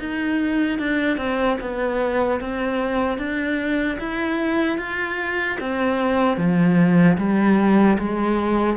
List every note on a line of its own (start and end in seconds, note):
0.00 0.79 D#4
0.79 1.17 D4
1.17 1.57 C4
1.61 2.40 B3
2.40 3.18 C4
3.18 3.98 D4
3.99 4.78 E4
4.78 5.58 F4
5.60 6.37 C4
6.37 7.17 F3
7.18 7.98 G3
7.99 8.77 G#3